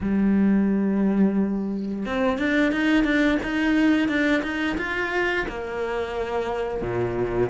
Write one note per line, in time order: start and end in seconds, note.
0.01 2.05 G3
2.05 2.38 C4
2.38 2.71 D4
2.71 3.04 D#4
3.04 3.38 D4
3.42 4.08 D#4
4.08 4.42 D4
4.42 4.76 D#4
4.77 5.45 F4
5.48 6.81 A#3
6.81 7.49 A#2